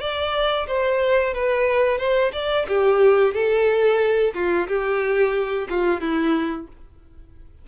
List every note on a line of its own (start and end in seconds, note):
0.00 0.67 D5
0.68 1.34 C5
1.34 1.98 B4
1.98 2.32 C5
2.33 2.66 D5
2.68 3.34 G4
3.34 4.34 A4
4.34 4.67 F4
4.68 5.68 G4
5.69 6.01 F4
6.01 6.67 E4